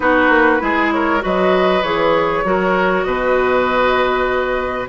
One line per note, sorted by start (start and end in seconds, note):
0.00 0.29 B3
0.00 0.59 D#4
0.00 0.62 F#4
0.00 0.90 B4
0.29 0.59 A#3
0.59 1.22 G#3
0.59 1.21 E4
0.59 0.94 G#4
0.91 1.23 A#4
0.91 1.22 C#5
1.21 1.83 F#3
1.21 1.82 F#4
1.21 2.46 B4
1.21 1.82 D#5
1.82 2.44 E3
1.82 2.44 G#4
1.82 3.03 C#5
2.44 3.04 F#3
2.44 4.88 F#4
2.44 3.06 A#4
3.03 4.88 B2
3.03 4.88 B4
3.03 4.87 D#5